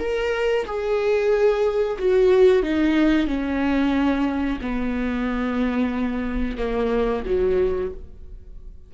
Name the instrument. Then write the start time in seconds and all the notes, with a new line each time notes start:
viola
0.00 A#4
0.66 G#4
1.99 F#4
2.63 D#4
3.28 C#4
4.62 B3
6.58 A#3
7.26 F#3